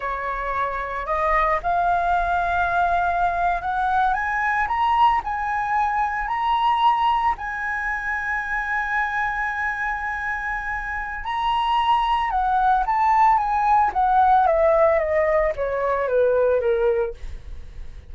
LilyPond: \new Staff \with { instrumentName = "flute" } { \time 4/4 \tempo 4 = 112 cis''2 dis''4 f''4~ | f''2~ f''8. fis''4 gis''16~ | gis''8. ais''4 gis''2 ais''16~ | ais''4.~ ais''16 gis''2~ gis''16~ |
gis''1~ | gis''4 ais''2 fis''4 | a''4 gis''4 fis''4 e''4 | dis''4 cis''4 b'4 ais'4 | }